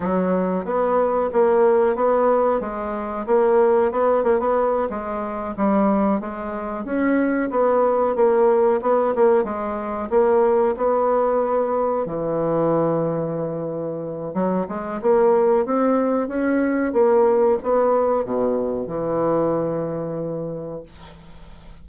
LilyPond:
\new Staff \with { instrumentName = "bassoon" } { \time 4/4 \tempo 4 = 92 fis4 b4 ais4 b4 | gis4 ais4 b8 ais16 b8. gis8~ | gis8 g4 gis4 cis'4 b8~ | b8 ais4 b8 ais8 gis4 ais8~ |
ais8 b2 e4.~ | e2 fis8 gis8 ais4 | c'4 cis'4 ais4 b4 | b,4 e2. | }